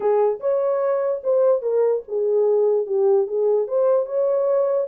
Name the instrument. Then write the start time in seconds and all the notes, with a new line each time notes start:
horn
0.00 G#4
0.40 C#5
1.23 C5
1.62 A#4
2.07 G#4
2.86 G4
3.27 G#4
3.67 C5
4.06 C#5